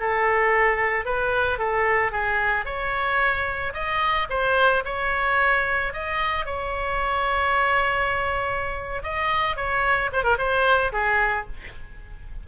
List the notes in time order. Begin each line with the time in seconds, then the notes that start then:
0.00 A4
1.05 B4
1.58 A4
2.12 G#4
2.65 C#5
3.73 D#5
4.30 C5
4.85 C#5
5.93 D#5
6.45 C#5
9.03 D#5
9.57 C#5
10.13 C5
10.24 A#4
10.38 C5
10.92 G#4